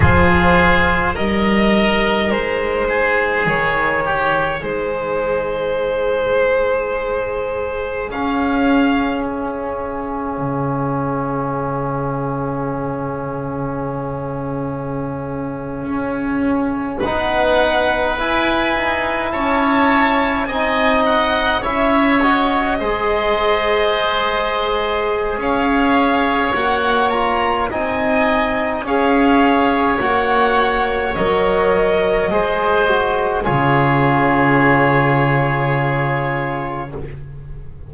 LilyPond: <<
  \new Staff \with { instrumentName = "violin" } { \time 4/4 \tempo 4 = 52 c''4 dis''4 c''4 cis''4 | c''2. f''4 | e''1~ | e''2~ e''8. fis''4 gis''16~ |
gis''8. a''4 gis''8 fis''8 e''8 dis''8.~ | dis''2 f''4 fis''8 ais''8 | gis''4 f''4 fis''4 dis''4~ | dis''4 cis''2. | }
  \new Staff \with { instrumentName = "oboe" } { \time 4/4 gis'4 ais'4. gis'4 g'8 | gis'1~ | gis'1~ | gis'2~ gis'8. b'4~ b'16~ |
b'8. cis''4 dis''4 cis''4 c''16~ | c''2 cis''2 | dis''4 cis''2. | c''4 gis'2. | }
  \new Staff \with { instrumentName = "trombone" } { \time 4/4 f'4 dis'2.~ | dis'2. cis'4~ | cis'1~ | cis'2~ cis'8. dis'4 e'16~ |
e'4.~ e'16 dis'4 e'8 fis'8 gis'16~ | gis'2. fis'8 f'8 | dis'4 gis'4 fis'4 ais'4 | gis'8 fis'8 f'2. | }
  \new Staff \with { instrumentName = "double bass" } { \time 4/4 f4 g4 gis4 dis4 | gis2. cis'4~ | cis'4 cis2.~ | cis4.~ cis16 cis'4 b4 e'16~ |
e'16 dis'8 cis'4 c'4 cis'4 gis16~ | gis2 cis'4 ais4 | c'4 cis'4 ais4 fis4 | gis4 cis2. | }
>>